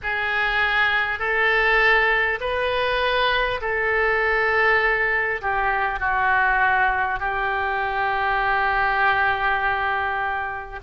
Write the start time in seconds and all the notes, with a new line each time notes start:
0.03 G#4
1.19 A4
2.40 B4
3.61 A4
5.41 G4
5.99 F#4
7.19 G4